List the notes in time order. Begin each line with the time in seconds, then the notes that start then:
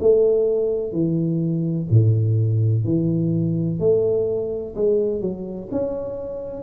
0.00 A3
0.93 E3
1.90 A2
2.84 E3
3.80 A3
4.75 G#3
5.21 F#3
5.71 C#4